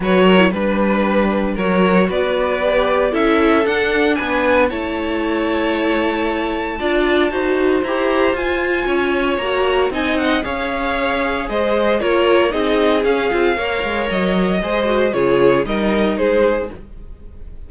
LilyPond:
<<
  \new Staff \with { instrumentName = "violin" } { \time 4/4 \tempo 4 = 115 cis''4 b'2 cis''4 | d''2 e''4 fis''4 | gis''4 a''2.~ | a''2. ais''4 |
gis''2 ais''4 gis''8 fis''8 | f''2 dis''4 cis''4 | dis''4 f''2 dis''4~ | dis''4 cis''4 dis''4 c''4 | }
  \new Staff \with { instrumentName = "violin" } { \time 4/4 b'8 ais'8 b'2 ais'4 | b'2 a'2 | b'4 cis''2.~ | cis''4 d''4 c''2~ |
c''4 cis''2 dis''4 | cis''2 c''4 ais'4 | gis'2 cis''2 | c''4 gis'4 ais'4 gis'4 | }
  \new Staff \with { instrumentName = "viola" } { \time 4/4 fis'8. e'16 d'2 fis'4~ | fis'4 g'4 e'4 d'4~ | d'4 e'2.~ | e'4 f'4 fis'4 g'4 |
f'2 fis'4 dis'4 | gis'2. f'4 | dis'4 cis'8 f'8 ais'2 | gis'8 fis'8 f'4 dis'2 | }
  \new Staff \with { instrumentName = "cello" } { \time 4/4 fis4 g2 fis4 | b2 cis'4 d'4 | b4 a2.~ | a4 d'4 dis'4 e'4 |
f'4 cis'4 ais4 c'4 | cis'2 gis4 ais4 | c'4 cis'8 c'8 ais8 gis8 fis4 | gis4 cis4 g4 gis4 | }
>>